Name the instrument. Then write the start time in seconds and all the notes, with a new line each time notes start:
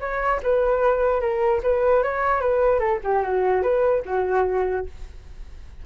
flute
0.00 C#5
0.43 B4
1.21 A#4
1.63 B4
2.03 C#5
2.41 B4
2.79 A4
3.04 G4
3.23 F#4
3.62 B4
4.05 F#4